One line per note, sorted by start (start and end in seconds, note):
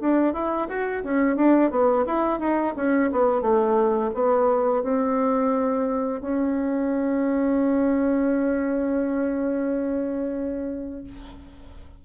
0.00 0.33 D4
0.33 0.68 E4
0.68 1.03 F#4
1.04 1.36 C#4
1.36 1.71 D4
1.71 2.05 B3
2.06 2.39 E4
2.39 2.74 D#4
2.76 3.10 C#4
3.12 3.41 B3
3.41 4.10 A3
4.14 4.83 B3
4.83 6.21 C4
6.21 11.03 C#4